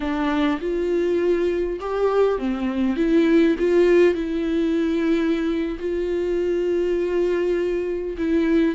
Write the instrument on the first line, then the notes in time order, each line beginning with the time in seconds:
viola
0.00 D4
0.60 F4
1.80 G4
2.38 C4
2.96 E4
3.58 F4
4.14 E4
5.79 F4
8.17 E4